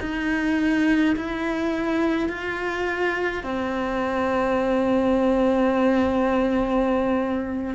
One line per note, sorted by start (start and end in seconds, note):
0.00 1.15 D#4
1.16 2.29 E4
2.29 3.43 F4
3.43 7.74 C4